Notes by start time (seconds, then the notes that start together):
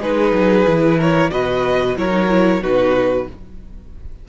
0.00 G#3 D#4 G#4 B4
0.33 F#3
0.65 E3 E4
0.98 A#4 C#5
1.31 B2 F#4 B4 D#5
1.96 F#3 E4 A#4 C#5
2.10 D#4
2.29 E4
2.62 B2 D#4 F#4 B4